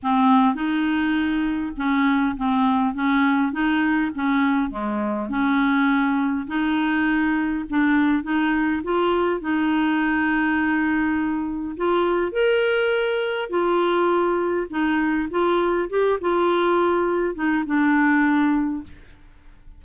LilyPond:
\new Staff \with { instrumentName = "clarinet" } { \time 4/4 \tempo 4 = 102 c'4 dis'2 cis'4 | c'4 cis'4 dis'4 cis'4 | gis4 cis'2 dis'4~ | dis'4 d'4 dis'4 f'4 |
dis'1 | f'4 ais'2 f'4~ | f'4 dis'4 f'4 g'8 f'8~ | f'4. dis'8 d'2 | }